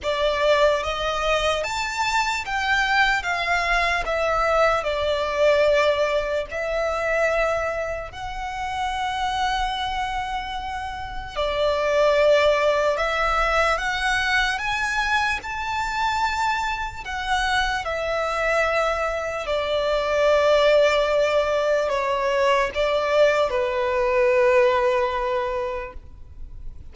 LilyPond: \new Staff \with { instrumentName = "violin" } { \time 4/4 \tempo 4 = 74 d''4 dis''4 a''4 g''4 | f''4 e''4 d''2 | e''2 fis''2~ | fis''2 d''2 |
e''4 fis''4 gis''4 a''4~ | a''4 fis''4 e''2 | d''2. cis''4 | d''4 b'2. | }